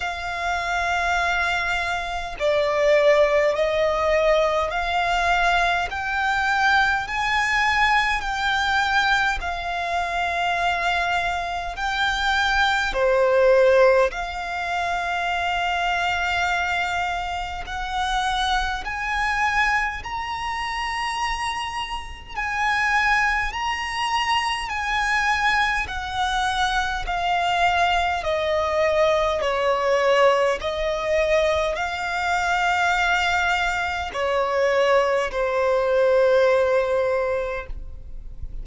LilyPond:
\new Staff \with { instrumentName = "violin" } { \time 4/4 \tempo 4 = 51 f''2 d''4 dis''4 | f''4 g''4 gis''4 g''4 | f''2 g''4 c''4 | f''2. fis''4 |
gis''4 ais''2 gis''4 | ais''4 gis''4 fis''4 f''4 | dis''4 cis''4 dis''4 f''4~ | f''4 cis''4 c''2 | }